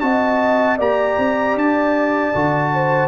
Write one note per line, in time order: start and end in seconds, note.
0.00 0.78 C4
0.00 0.78 F#4
0.00 0.77 D#5
0.00 0.77 A5
0.77 1.17 A#3
0.77 2.33 G4
0.77 2.70 D5
0.77 1.57 A#5
1.18 1.55 C4
1.55 2.32 D4
1.55 3.08 A5
2.34 3.08 D3
2.34 3.08 F#4
2.73 3.08 C5